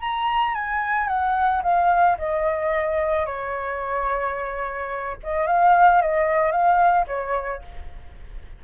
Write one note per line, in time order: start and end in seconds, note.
0.00 0.54 A#5
0.54 1.07 G#5
1.07 1.62 F#5
1.63 2.17 F5
2.18 3.26 D#5
3.26 5.17 C#5
5.23 5.47 D#5
5.47 6.01 F5
6.01 6.51 D#5
6.51 7.06 F5
7.07 7.62 C#5